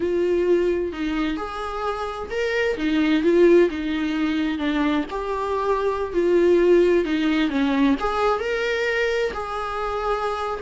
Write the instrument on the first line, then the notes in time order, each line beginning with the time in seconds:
viola
0.00 F4
0.92 D#4
1.37 G#4
2.30 A#4
2.77 D#4
3.23 F4
3.69 D#4
4.58 D4
5.10 G4
6.13 F4
7.04 D#4
7.49 C#4
7.99 G#4
8.39 A#4
9.33 G#4